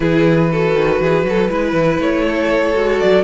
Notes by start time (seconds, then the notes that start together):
0.00 E3 E4 G#4 B4
0.51 F#4 A4
0.74 D#3
0.99 E3 G#4
1.24 F#3 A4
1.49 G#3 E4 B4
1.72 E3
1.99 A3 C#5
2.26 A4
2.74 G#3 F#4
2.99 F#3 D5